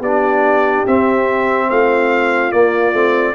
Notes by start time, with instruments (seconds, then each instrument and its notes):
0.00 tuba B3, trombone D4, horn G4, trumpet D5
0.87 trombone C4, tuba C4, trumpet E5
1.70 tuba A3, horn F4, trumpet F5
2.52 trombone A#3, tuba A#3, trumpet D5
2.93 tuba A3, trombone C4